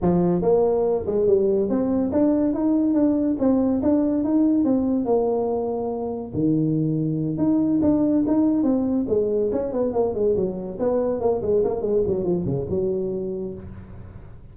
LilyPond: \new Staff \with { instrumentName = "tuba" } { \time 4/4 \tempo 4 = 142 f4 ais4. gis8 g4 | c'4 d'4 dis'4 d'4 | c'4 d'4 dis'4 c'4 | ais2. dis4~ |
dis4. dis'4 d'4 dis'8~ | dis'8 c'4 gis4 cis'8 b8 ais8 | gis8 fis4 b4 ais8 gis8 ais8 | gis8 fis8 f8 cis8 fis2 | }